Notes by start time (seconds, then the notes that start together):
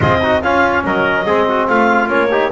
0.00 C4 F4 G#4 D#5
0.21 D#4 F#4
0.42 C#4 F4 F5
0.84 F#3 A#4 D#5
1.26 G#3 C4 G#4
1.48 F#4
1.67 A3 F4 F5
2.07 A#3 C#4 C#5
2.31 D#4 G4